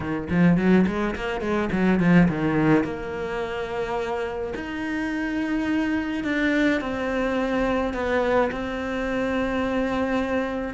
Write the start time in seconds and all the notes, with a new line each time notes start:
0.00 D#3
0.30 F3
0.57 F#3
0.86 G#3
1.15 A#3
1.40 G#3
1.71 F#3
1.99 F3
2.28 D#3
2.84 A#3
4.55 D#4
6.24 D4
6.81 C4
7.93 B3
8.51 C4